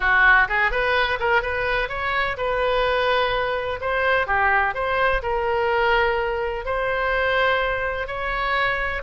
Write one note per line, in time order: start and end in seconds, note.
0.00 0.48 F#4
0.48 0.71 G#4
0.71 1.19 B4
1.19 1.42 A#4
1.42 1.89 B4
1.89 2.36 C#5
2.37 3.79 B4
3.80 4.26 C5
4.26 4.74 G4
4.74 5.22 C5
5.22 6.65 A#4
6.65 8.07 C5
8.07 9.02 C#5